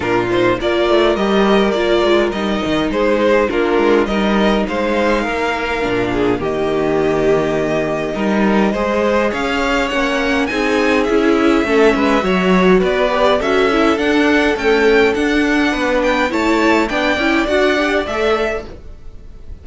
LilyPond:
<<
  \new Staff \with { instrumentName = "violin" } { \time 4/4 \tempo 4 = 103 ais'8 c''8 d''4 dis''4 d''4 | dis''4 c''4 ais'4 dis''4 | f''2. dis''4~ | dis''1 |
f''4 fis''4 gis''4 e''4~ | e''2 d''4 e''4 | fis''4 g''4 fis''4. g''8 | a''4 g''4 fis''4 e''4 | }
  \new Staff \with { instrumentName = "violin" } { \time 4/4 f'4 ais'2.~ | ais'4 gis'4 f'4 ais'4 | c''4 ais'4. gis'8 g'4~ | g'2 ais'4 c''4 |
cis''2 gis'2 | a'8 b'8 cis''4 b'4 a'4~ | a'2. b'4 | cis''4 d''2. | }
  \new Staff \with { instrumentName = "viola" } { \time 4/4 d'8 dis'8 f'4 g'4 f'4 | dis'2 d'4 dis'4~ | dis'2 d'4 ais4~ | ais2 dis'4 gis'4~ |
gis'4 cis'4 dis'4 e'4 | cis'4 fis'4. g'8 fis'8 e'8 | d'4 a4 d'2 | e'4 d'8 e'8 fis'8 g'8 a'4 | }
  \new Staff \with { instrumentName = "cello" } { \time 4/4 ais,4 ais8 a8 g4 ais8 gis8 | g8 dis8 gis4 ais8 gis8 g4 | gis4 ais4 ais,4 dis4~ | dis2 g4 gis4 |
cis'4 ais4 c'4 cis'4 | a8 gis8 fis4 b4 cis'4 | d'4 cis'4 d'4 b4 | a4 b8 cis'8 d'4 a4 | }
>>